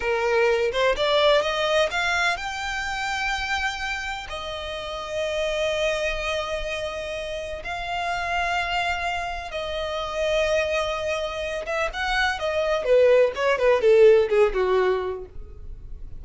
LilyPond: \new Staff \with { instrumentName = "violin" } { \time 4/4 \tempo 4 = 126 ais'4. c''8 d''4 dis''4 | f''4 g''2.~ | g''4 dis''2.~ | dis''1 |
f''1 | dis''1~ | dis''8 e''8 fis''4 dis''4 b'4 | cis''8 b'8 a'4 gis'8 fis'4. | }